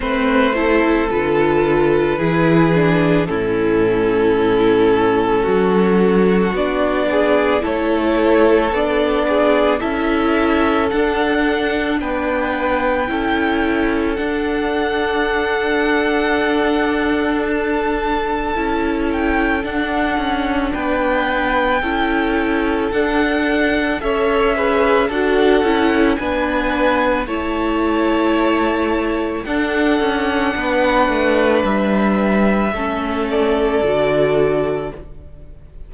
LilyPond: <<
  \new Staff \with { instrumentName = "violin" } { \time 4/4 \tempo 4 = 55 c''4 b'2 a'4~ | a'2 d''4 cis''4 | d''4 e''4 fis''4 g''4~ | g''4 fis''2. |
a''4. g''8 fis''4 g''4~ | g''4 fis''4 e''4 fis''4 | gis''4 a''2 fis''4~ | fis''4 e''4. d''4. | }
  \new Staff \with { instrumentName = "violin" } { \time 4/4 b'8 a'4. gis'4 e'4~ | e'4 fis'4. gis'8 a'4~ | a'8 gis'8 a'2 b'4 | a'1~ |
a'2. b'4 | a'2 cis''8 b'8 a'4 | b'4 cis''2 a'4 | b'2 a'2 | }
  \new Staff \with { instrumentName = "viola" } { \time 4/4 c'8 e'8 f'4 e'8 d'8 cis'4~ | cis'2 d'4 e'4 | d'4 e'4 d'2 | e'4 d'2.~ |
d'4 e'4 d'2 | e'4 d'4 a'8 gis'8 fis'8 e'8 | d'4 e'2 d'4~ | d'2 cis'4 fis'4 | }
  \new Staff \with { instrumentName = "cello" } { \time 4/4 a4 d4 e4 a,4~ | a,4 fis4 b4 a4 | b4 cis'4 d'4 b4 | cis'4 d'2.~ |
d'4 cis'4 d'8 cis'8 b4 | cis'4 d'4 cis'4 d'8 cis'8 | b4 a2 d'8 cis'8 | b8 a8 g4 a4 d4 | }
>>